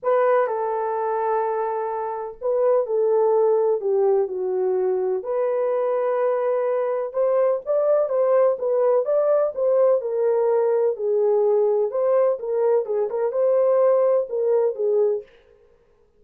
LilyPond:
\new Staff \with { instrumentName = "horn" } { \time 4/4 \tempo 4 = 126 b'4 a'2.~ | a'4 b'4 a'2 | g'4 fis'2 b'4~ | b'2. c''4 |
d''4 c''4 b'4 d''4 | c''4 ais'2 gis'4~ | gis'4 c''4 ais'4 gis'8 ais'8 | c''2 ais'4 gis'4 | }